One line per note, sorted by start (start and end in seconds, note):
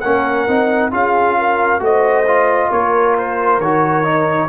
0.00 0.48 A#3
0.00 0.48 C#4
0.00 0.91 A#4
0.00 0.90 F#5
0.48 0.92 C4
0.48 0.91 D#4
0.91 1.79 C#4
0.91 1.79 F4
0.91 1.37 G#4
0.91 1.83 F5
1.38 1.83 A#4
1.79 2.69 A3
1.79 2.24 F#4
1.79 2.69 C5
1.79 2.71 D#5
2.27 3.61 F4
2.69 3.58 A#3
2.69 4.48 A#4
2.69 3.16 C#5
3.18 3.60 C5
3.58 4.48 D#3
3.58 4.04 F#4
3.58 4.49 C#5
4.04 4.49 D#4